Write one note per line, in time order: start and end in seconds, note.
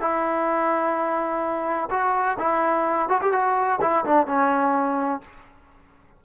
0.00 1.89 E4
1.90 2.37 F#4
2.39 3.09 E4
3.09 3.20 F#4
3.21 3.32 G4
3.32 3.79 F#4
3.81 4.05 E4
4.05 4.26 D4
4.26 5.21 C#4